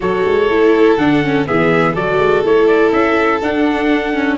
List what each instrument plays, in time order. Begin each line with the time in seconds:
0.00 tuba F#3, viola F#4, violin A4, trumpet C#5
0.25 tuba G#3
0.49 tuba A3, viola E4
0.97 tuba D3, viola D4, trumpet F#5
1.23 viola C#4
1.45 tuba E3, viola B3, violin G#4, trumpet E5
1.93 tuba F#3, viola F#4, violin A4, trumpet D5
2.18 tuba G#3
2.44 tuba A3, viola E4, trumpet C#5
2.67 trumpet D5
2.92 tuba C#4, trumpet E5
3.42 tuba D4, viola D4, trumpet F#5
4.12 viola C#4